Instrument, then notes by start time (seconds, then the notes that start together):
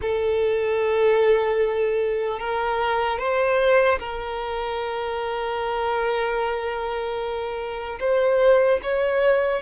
violin
0.01 A4
2.39 A#4
3.18 C5
3.99 A#4
8.00 C5
8.83 C#5